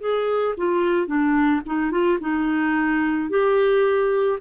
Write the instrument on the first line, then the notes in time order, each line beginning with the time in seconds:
clarinet
0.00 G#4
0.57 F4
1.07 D4
1.66 D#4
1.91 F4
2.21 D#4
3.30 G4